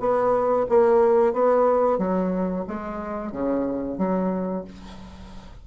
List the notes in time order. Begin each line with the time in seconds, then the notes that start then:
0.00 B3
0.69 A#3
1.33 B3
1.98 F#3
2.68 G#3
3.32 C#3
3.98 F#3